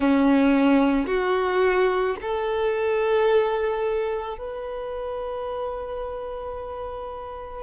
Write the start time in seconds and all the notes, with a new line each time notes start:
0.00 C#4
1.06 F#4
2.21 A4
4.38 B4